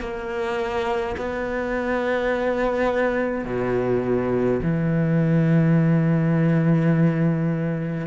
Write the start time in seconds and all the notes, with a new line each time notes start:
0.00 A#3
1.17 B3
3.45 B2
4.62 E3